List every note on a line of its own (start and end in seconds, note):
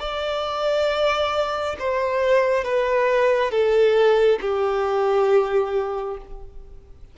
0.00 1.76 D5
1.79 2.64 C5
2.64 3.51 B4
3.51 4.40 A4
4.41 6.18 G4